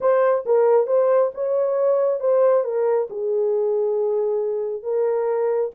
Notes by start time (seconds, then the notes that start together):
0.00 C5
0.45 A#4
0.87 C5
1.34 C#5
2.20 C5
2.64 A#4
3.10 G#4
4.82 A#4